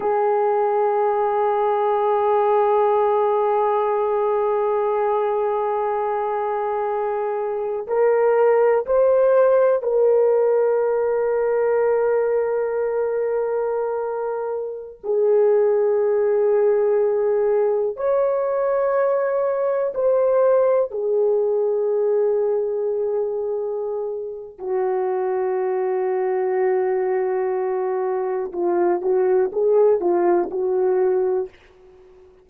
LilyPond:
\new Staff \with { instrumentName = "horn" } { \time 4/4 \tempo 4 = 61 gis'1~ | gis'1 | ais'4 c''4 ais'2~ | ais'2.~ ais'16 gis'8.~ |
gis'2~ gis'16 cis''4.~ cis''16~ | cis''16 c''4 gis'2~ gis'8.~ | gis'4 fis'2.~ | fis'4 f'8 fis'8 gis'8 f'8 fis'4 | }